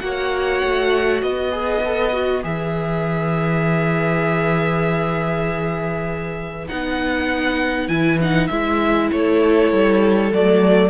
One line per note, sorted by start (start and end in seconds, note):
0.00 0.62 A#3
0.00 1.52 F#4
0.00 1.23 C#5
0.00 1.21 F#5
0.64 1.23 A3
1.22 2.44 B3
1.22 9.11 B4
1.22 2.43 D#5
1.52 1.82 G#4
1.85 2.13 A4
2.13 2.43 F#4
2.43 6.68 E3
2.43 6.67 G#4
2.43 6.68 E5
6.68 7.88 B3
6.68 7.89 D#4
6.68 7.88 F#5
7.88 8.49 E3
7.88 8.19 E4
7.88 8.19 G#5
8.21 8.51 D#4
8.21 8.47 F#5
8.47 9.11 G#3
8.47 10.33 E4
8.47 9.08 E5
9.12 9.72 A3
9.12 10.90 A4
9.12 10.33 C#5
9.72 10.32 G3
10.33 10.90 F#3
10.33 10.90 A3
10.33 10.90 D5